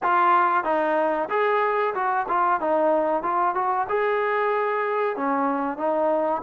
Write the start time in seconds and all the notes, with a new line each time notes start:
0.03 F4
0.64 D#4
1.29 G#4
1.94 F#4
2.28 F4
2.60 D#4
3.23 F4
3.55 F#4
3.89 G#4
5.16 C#4
5.77 D#4